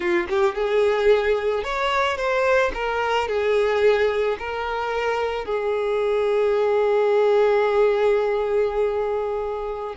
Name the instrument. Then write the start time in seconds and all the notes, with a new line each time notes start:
violin
0.00 F4
0.29 G4
0.55 G#4
1.63 C#5
2.17 C5
2.74 A#4
3.28 G#4
4.39 A#4
5.45 G#4